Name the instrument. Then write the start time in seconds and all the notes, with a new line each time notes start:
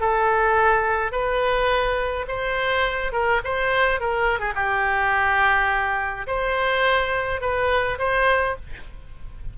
oboe
0.00 A4
1.11 B4
2.27 C5
3.12 A#4
3.44 C5
4.00 A#4
4.39 G#4
4.55 G4
6.27 C5
7.41 B4
7.98 C5